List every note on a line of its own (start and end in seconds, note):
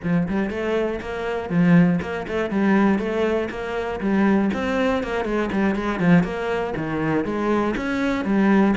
0.02 0.27 F3
0.28 0.50 G3
0.50 1.00 A3
1.00 1.49 A#3
1.49 1.99 F3
2.01 2.26 A#3
2.27 2.50 A3
2.50 2.99 G3
2.99 3.49 A3
3.50 4.00 A#3
4.00 4.50 G3
4.53 5.03 C4
5.03 5.24 A#3
5.24 5.49 G#3
5.52 5.75 G3
5.75 5.99 G#3
5.99 6.23 F3
6.23 6.73 A#3
6.76 7.25 D#3
7.25 7.75 G#3
7.76 8.25 C#4
8.25 8.75 G3